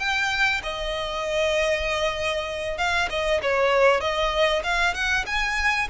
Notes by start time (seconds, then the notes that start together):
0.00 G5
0.64 D#5
2.78 F5
3.10 D#5
3.42 C#5
4.01 D#5
4.64 F5
4.95 F#5
5.27 G#5